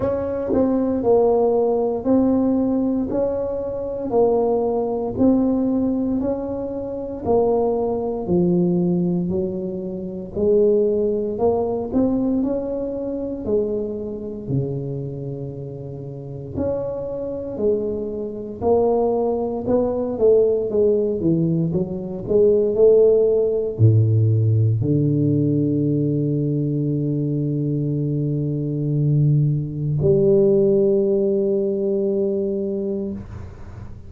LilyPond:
\new Staff \with { instrumentName = "tuba" } { \time 4/4 \tempo 4 = 58 cis'8 c'8 ais4 c'4 cis'4 | ais4 c'4 cis'4 ais4 | f4 fis4 gis4 ais8 c'8 | cis'4 gis4 cis2 |
cis'4 gis4 ais4 b8 a8 | gis8 e8 fis8 gis8 a4 a,4 | d1~ | d4 g2. | }